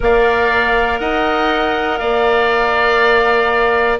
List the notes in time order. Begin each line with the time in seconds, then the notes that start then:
0.00 A#3 A#4 D5 F5
0.99 D#4 D#5 F#5
1.97 A#3 D5 F5